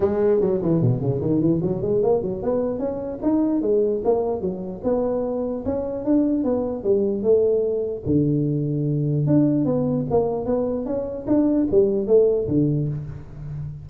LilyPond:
\new Staff \with { instrumentName = "tuba" } { \time 4/4 \tempo 4 = 149 gis4 fis8 e8 b,8 cis8 dis8 e8 | fis8 gis8 ais8 fis8 b4 cis'4 | dis'4 gis4 ais4 fis4 | b2 cis'4 d'4 |
b4 g4 a2 | d2. d'4 | b4 ais4 b4 cis'4 | d'4 g4 a4 d4 | }